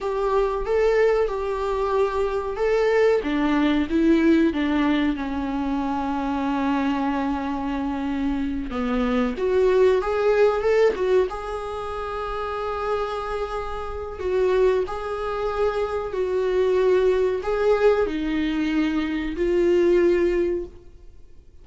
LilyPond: \new Staff \with { instrumentName = "viola" } { \time 4/4 \tempo 4 = 93 g'4 a'4 g'2 | a'4 d'4 e'4 d'4 | cis'1~ | cis'4. b4 fis'4 gis'8~ |
gis'8 a'8 fis'8 gis'2~ gis'8~ | gis'2 fis'4 gis'4~ | gis'4 fis'2 gis'4 | dis'2 f'2 | }